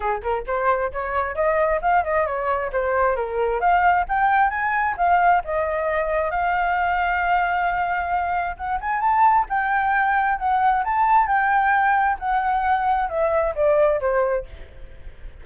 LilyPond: \new Staff \with { instrumentName = "flute" } { \time 4/4 \tempo 4 = 133 gis'8 ais'8 c''4 cis''4 dis''4 | f''8 dis''8 cis''4 c''4 ais'4 | f''4 g''4 gis''4 f''4 | dis''2 f''2~ |
f''2. fis''8 gis''8 | a''4 g''2 fis''4 | a''4 g''2 fis''4~ | fis''4 e''4 d''4 c''4 | }